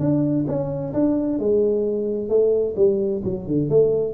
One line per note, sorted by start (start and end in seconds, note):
0.00 0.46 D4
0.48 0.93 C#4
0.94 1.39 D4
1.39 2.29 G#3
2.29 2.75 A3
2.77 3.22 G3
3.25 3.47 F#3
3.47 3.70 D3
3.70 4.14 A3